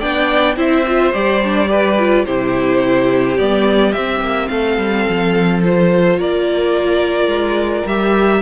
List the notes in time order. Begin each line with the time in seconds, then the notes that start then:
0.00 B3 D4 D5 G5
0.57 C4 E4 C5 E5
0.88 F4
1.14 G3 G4 D5
1.44 D4
1.68 G4 B4
1.99 F4
2.26 C3 E4 G4 C5
3.38 G3 B3 D5
3.93 C4 E5
4.21 A#3
4.48 A3 A4 F5
4.78 G3
5.09 F3
5.64 F4 C5
6.19 A#3 A#4 D5
7.27 G#3
7.86 G3 G4 E5